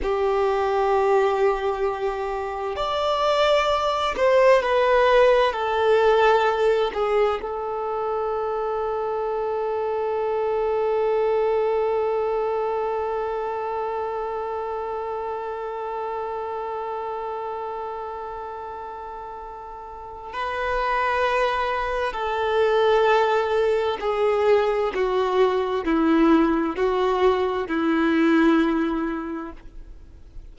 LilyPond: \new Staff \with { instrumentName = "violin" } { \time 4/4 \tempo 4 = 65 g'2. d''4~ | d''8 c''8 b'4 a'4. gis'8 | a'1~ | a'1~ |
a'1~ | a'2 b'2 | a'2 gis'4 fis'4 | e'4 fis'4 e'2 | }